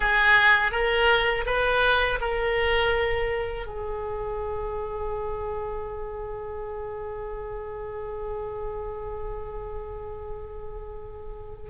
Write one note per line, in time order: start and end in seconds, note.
0.00 0.71 G#4
0.71 1.44 A#4
1.46 2.19 B4
2.21 3.66 A#4
3.66 11.69 G#4